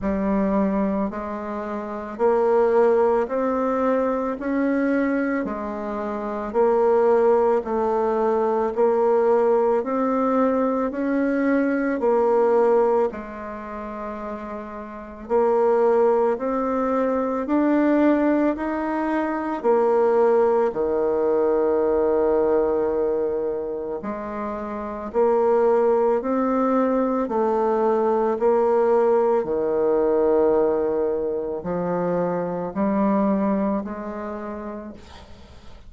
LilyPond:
\new Staff \with { instrumentName = "bassoon" } { \time 4/4 \tempo 4 = 55 g4 gis4 ais4 c'4 | cis'4 gis4 ais4 a4 | ais4 c'4 cis'4 ais4 | gis2 ais4 c'4 |
d'4 dis'4 ais4 dis4~ | dis2 gis4 ais4 | c'4 a4 ais4 dis4~ | dis4 f4 g4 gis4 | }